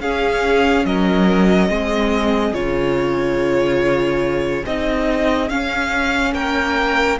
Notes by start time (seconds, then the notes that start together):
0.00 C#4 G#4 F5
0.85 F#3 A#4 D#5
1.69 G#3 C4 G#4
2.52 C#3 F4 C#5
4.66 C4 D#4 D#5
5.49 C#4 F5
6.34 A#3 A#4 G5